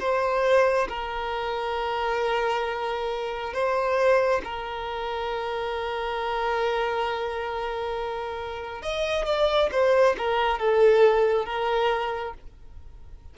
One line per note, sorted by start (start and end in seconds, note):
0.00 0.88 C5
0.89 3.54 A#4
3.54 4.42 C5
4.45 8.82 A#4
8.82 9.26 D#5
9.26 9.70 D5
9.72 10.16 C5
10.18 10.60 A#4
10.60 11.46 A4
11.46 12.34 A#4